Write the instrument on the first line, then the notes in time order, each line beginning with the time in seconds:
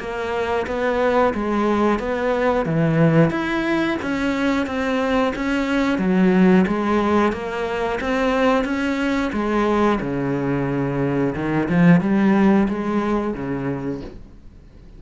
cello
0.00 A#3
0.67 B3
1.34 G#3
1.99 B3
2.66 E3
3.31 E4
4.02 C#4
4.67 C4
5.36 C#4
5.99 F#3
6.68 G#3
7.33 A#3
8.01 C4
8.65 C#4
9.33 G#3
10.01 C#3
11.35 D#3
11.69 F3
12.01 G3
12.68 G#3
13.34 C#3